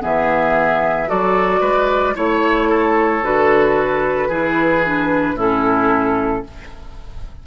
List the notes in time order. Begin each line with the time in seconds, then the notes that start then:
0.00 E3 B3 G#4 E5
1.07 F#3 F#4 A4 D5
1.61 G#3 B4
2.15 A3 E4 C#5
2.69 A4
3.23 D3 F#4 B4
4.29 E3 E4 G#4
4.85 D4
5.35 A2 C#4 E4 A4